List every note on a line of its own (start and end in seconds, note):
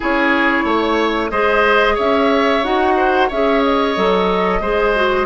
0.00 0.64 C#4
0.00 1.30 E4
0.00 0.65 G#4
0.00 1.30 C#5
0.64 1.30 A3
0.64 1.30 C#5
1.30 1.97 G#3
1.30 2.63 G#4
1.30 1.95 C5
1.30 1.96 D#5
1.95 2.63 C#4
1.95 2.93 C#5
1.95 2.63 E5
2.63 3.29 D#4
2.63 3.29 F#4
2.63 3.29 F#5
2.96 3.28 C5
3.28 3.96 C#4
3.28 3.95 G#4
3.28 4.60 C#5
3.28 3.63 E5
3.64 5.25 D#5
3.95 4.60 F#3
3.95 4.61 A4
4.60 5.25 G#3
4.60 4.95 G#4
4.60 5.25 C5
4.95 5.25 F#4